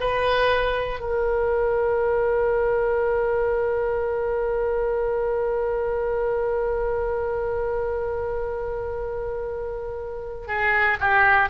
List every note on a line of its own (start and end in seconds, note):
0.00 0.99 B4
0.99 10.47 A#4
10.47 10.97 G#4
11.00 11.49 G4